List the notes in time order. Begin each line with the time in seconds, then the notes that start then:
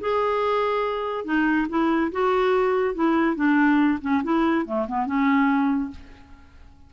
0.00 G#4
1.25 D#4
1.69 E4
2.12 F#4
2.94 E4
3.36 D4
4.01 C#4
4.24 E4
4.66 A3
4.88 B3
5.06 C#4